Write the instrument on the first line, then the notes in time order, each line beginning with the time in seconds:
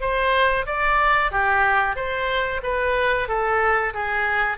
oboe
0.00 C5
0.66 D5
1.31 G4
1.96 C5
2.63 B4
3.28 A4
3.93 G#4